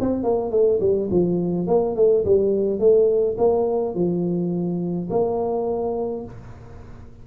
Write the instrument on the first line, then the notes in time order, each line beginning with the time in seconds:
tuba
0.00 C4
0.23 A#3
0.51 A3
0.80 G3
1.10 F3
1.67 A#3
1.96 A3
2.24 G3
2.79 A3
3.37 A#3
3.94 F3
5.10 A#3